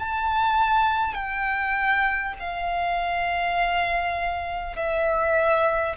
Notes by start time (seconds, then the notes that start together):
0.00 A5
1.15 G5
2.39 F5
4.77 E5